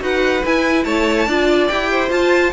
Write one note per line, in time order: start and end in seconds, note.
0.00 0.44 D#4
0.00 0.42 F#4
0.00 0.86 B4
0.00 0.46 F#5
0.46 0.85 E4
0.46 1.29 E4
0.46 0.85 G#5
0.85 1.27 A3
0.85 1.28 C#5
0.85 1.68 A5
1.27 1.69 D4
1.27 1.71 F4
1.27 1.90 D5
1.68 2.11 E4
1.68 2.10 G4
1.68 2.10 G5
1.91 2.53 C5
2.10 2.51 F4
2.10 2.53 F4
2.10 2.53 A5